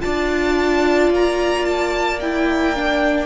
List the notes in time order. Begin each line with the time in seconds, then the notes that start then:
0.00 D4 F4 D5 A5
1.10 A#3 A#5
1.65 A5
2.20 E4 G5
2.75 D4